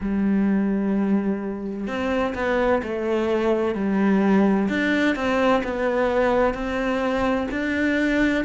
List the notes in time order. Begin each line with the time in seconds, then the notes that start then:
0.00 G3
1.87 C4
2.34 B3
2.83 A3
3.74 G3
4.68 D4
5.15 C4
5.63 B3
6.54 C4
7.51 D4